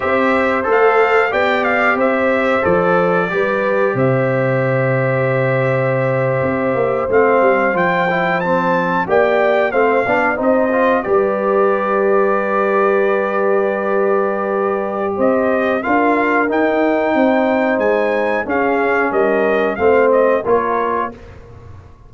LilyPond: <<
  \new Staff \with { instrumentName = "trumpet" } { \time 4/4 \tempo 4 = 91 e''4 f''4 g''8 f''8 e''4 | d''2 e''2~ | e''2~ e''8. f''4 g''16~ | g''8. a''4 g''4 f''4 dis''16~ |
dis''8. d''2.~ d''16~ | d''2. dis''4 | f''4 g''2 gis''4 | f''4 dis''4 f''8 dis''8 cis''4 | }
  \new Staff \with { instrumentName = "horn" } { \time 4/4 c''2 d''4 c''4~ | c''4 b'4 c''2~ | c''1~ | c''4.~ c''16 d''4 c''8 d''8 c''16~ |
c''8. b'2.~ b'16~ | b'2. c''4 | ais'2 c''2 | gis'4 ais'4 c''4 ais'4 | }
  \new Staff \with { instrumentName = "trombone" } { \time 4/4 g'4 a'4 g'2 | a'4 g'2.~ | g'2~ g'8. c'4 f'16~ | f'16 e'8 c'4 g'4 c'8 d'8 dis'16~ |
dis'16 f'8 g'2.~ g'16~ | g'1 | f'4 dis'2. | cis'2 c'4 f'4 | }
  \new Staff \with { instrumentName = "tuba" } { \time 4/4 c'4 a4 b4 c'4 | f4 g4 c2~ | c4.~ c16 c'8 ais8 a8 g8 f16~ | f4.~ f16 ais4 a8 b8 c'16~ |
c'8. g2.~ g16~ | g2. c'4 | d'4 dis'4 c'4 gis4 | cis'4 g4 a4 ais4 | }
>>